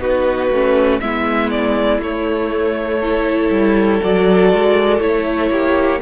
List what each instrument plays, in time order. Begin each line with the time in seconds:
0.00 cello B3, viola D#4, violin F#4 B4
0.51 cello A3, viola C#4
1.00 cello G#3, viola B3, violin E4 E5
1.51 violin D5
2.00 cello A3, viola A3, violin C#5
3.01 viola E4, violin A4
3.51 cello G3
4.03 cello F#3, viola F#4, violin D5
4.54 cello G#3
5.00 cello A3, viola E4, violin C#5
5.51 cello A#3, violin G4